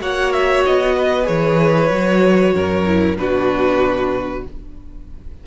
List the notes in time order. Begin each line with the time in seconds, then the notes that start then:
0.00 A#3 F#4 C#5 F#5
0.32 E5
0.65 B3 D#5
0.96 B4
1.23 E3 G#4 C#5
1.89 F#3 F#4
2.54 F#2 A#4
2.86 E4
3.16 B2 D4 F#4 B4